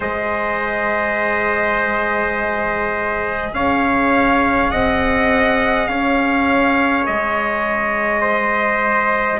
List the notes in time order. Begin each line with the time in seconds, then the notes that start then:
0.00 G#3 G#4 C5 D#5
3.53 C#4 C#5 F5
4.71 C4 D#5 F#5
5.87 C#4 C#5 F5
7.06 G#3 D#5
8.21 C5